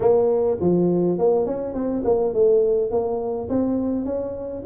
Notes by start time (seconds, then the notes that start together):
0.00 A#3
0.60 F3
1.18 A#3
1.46 C#4
1.74 C4
2.04 A#3
2.33 A3
2.90 A#3
3.49 C4
4.05 C#4